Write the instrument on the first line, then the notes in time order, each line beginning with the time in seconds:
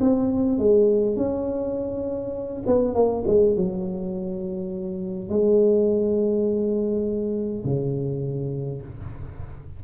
tuba
0.00 C4
0.58 G#3
1.16 C#4
2.66 B3
2.94 A#3
3.26 G#3
3.56 F#3
5.29 G#3
7.64 C#3